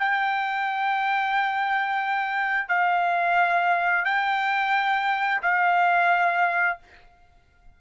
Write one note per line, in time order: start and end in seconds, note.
0.00 2.69 G5
2.69 4.05 F5
4.05 5.42 G5
5.42 6.79 F5